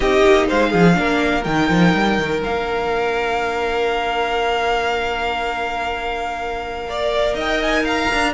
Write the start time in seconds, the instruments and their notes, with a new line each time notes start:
0.00 cello C4, viola D#4, violin G4 D#5
0.25 cello A#3
0.47 cello G#3, violin C5 F5
0.70 cello F3, violin G#4
0.94 cello A#3, viola D4, violin A#4
1.43 cello D#3, viola D#4, violin G5
1.69 cello F3
1.94 cello G3
2.18 cello D#3
2.41 cello A#3, viola D4, violin F5
6.87 viola A#4, violin D5
7.34 cello D#4, violin D#5 G5
7.62 violin G#5
7.84 violin F5 A#5
8.12 cello D4